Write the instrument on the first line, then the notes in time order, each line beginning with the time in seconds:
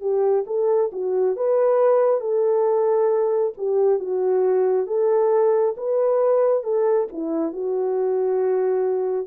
horn
0.00 G4
0.46 A4
0.92 F#4
1.36 B4
2.20 A4
3.57 G4
3.99 F#4
4.86 A4
5.77 B4
6.63 A4
7.12 E4
7.52 F#4